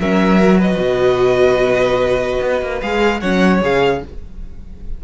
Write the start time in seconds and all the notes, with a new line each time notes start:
0.00 F#3 C#4 A#4 E5
0.41 F#4
0.58 B4 D#5
0.78 B2
2.42 B3
2.61 A#3
2.81 G#3 G#4 F5
3.20 F#3 C#4 C#5 F#5
3.62 C#3 G#4 F5